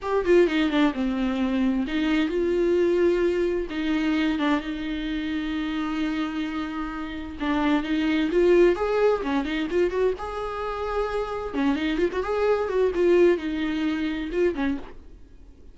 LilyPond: \new Staff \with { instrumentName = "viola" } { \time 4/4 \tempo 4 = 130 g'8 f'8 dis'8 d'8 c'2 | dis'4 f'2. | dis'4. d'8 dis'2~ | dis'1 |
d'4 dis'4 f'4 gis'4 | cis'8 dis'8 f'8 fis'8 gis'2~ | gis'4 cis'8 dis'8 f'16 fis'16 gis'4 fis'8 | f'4 dis'2 f'8 cis'8 | }